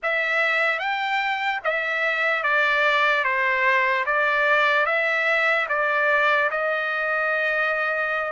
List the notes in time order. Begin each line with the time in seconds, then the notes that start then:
0.03 E5
0.79 G5
1.64 E5
2.43 D5
3.24 C5
4.05 D5
4.85 E5
5.68 D5
6.50 D#5